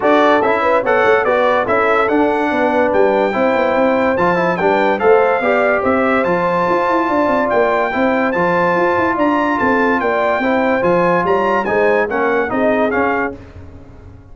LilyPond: <<
  \new Staff \with { instrumentName = "trumpet" } { \time 4/4 \tempo 4 = 144 d''4 e''4 fis''4 d''4 | e''4 fis''2 g''4~ | g''2 a''4 g''4 | f''2 e''4 a''4~ |
a''2 g''2 | a''2 ais''4 a''4 | g''2 gis''4 ais''4 | gis''4 fis''4 dis''4 f''4 | }
  \new Staff \with { instrumentName = "horn" } { \time 4/4 a'4. b'8 cis''4 b'4 | a'2 b'2 | c''2. b'4 | c''4 d''4 c''2~ |
c''4 d''2 c''4~ | c''2 d''4 a'4 | d''4 c''2 cis''4 | c''4 ais'4 gis'2 | }
  \new Staff \with { instrumentName = "trombone" } { \time 4/4 fis'4 e'4 a'4 fis'4 | e'4 d'2. | e'2 f'8 e'8 d'4 | a'4 g'2 f'4~ |
f'2. e'4 | f'1~ | f'4 e'4 f'2 | dis'4 cis'4 dis'4 cis'4 | }
  \new Staff \with { instrumentName = "tuba" } { \time 4/4 d'4 cis'4 b8 a8 b4 | cis'4 d'4 b4 g4 | c'8 b8 c'4 f4 g4 | a4 b4 c'4 f4 |
f'8 e'8 d'8 c'8 ais4 c'4 | f4 f'8 e'8 d'4 c'4 | ais4 c'4 f4 g4 | gis4 ais4 c'4 cis'4 | }
>>